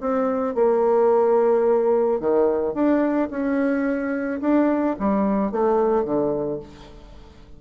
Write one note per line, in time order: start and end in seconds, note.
0.00 0.55 C4
0.55 2.20 A#3
2.20 2.73 D#3
2.73 3.29 D4
3.30 4.40 C#4
4.41 4.96 D4
4.99 5.51 G3
5.51 6.04 A3
6.04 6.59 D3